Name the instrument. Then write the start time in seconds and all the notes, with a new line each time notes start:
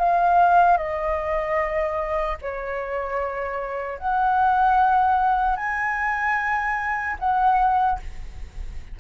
flute
0.00 F5
0.77 D#5
2.42 C#5
3.99 F#5
5.57 G#5
7.20 F#5